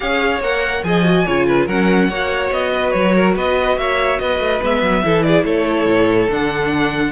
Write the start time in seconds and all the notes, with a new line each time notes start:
0.00 C#4 G#4 C#5 F5
0.40 A#3 A#4 F#5
0.83 F3 G#4 D#5 G#5
1.04 F#4
1.25 C#3 F4 C#5
1.46 B4
1.66 F#3 C#4 A#4 F#5
2.08 A#3 F#4 C#5
2.51 B3 D#5
2.73 B4
2.90 F#3 C#5
3.15 A#4
3.35 B3 B4 D#5
3.77 A#3 C#5 E5
4.19 B3 B4 D#5
4.39 A3
4.62 G#3 B3 E5
4.82 F#3
5.03 E3 E4 A4
5.23 G#4 D5
5.44 A3 A4 C#5
5.86 A2
6.30 D3 D4 F#5